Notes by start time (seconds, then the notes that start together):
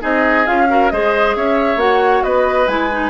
0.00 C4 D#4 G#4 D#5
0.45 C#4 F4 F5
0.68 F#4 A#4
0.90 G#3 G#4 C5 D#5
1.35 C#4 C#5 E5
1.76 A#3 F#4 F#5
2.23 B3 B4 D#5
2.67 G#3 E4 G#5
2.91 D#4